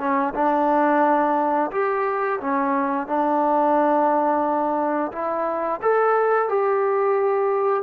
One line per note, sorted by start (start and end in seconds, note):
0.00 0.34 C#4
0.35 1.71 D4
1.72 2.40 G4
2.41 3.08 C#4
3.08 5.12 D4
5.13 5.81 E4
5.82 6.50 A4
6.50 7.84 G4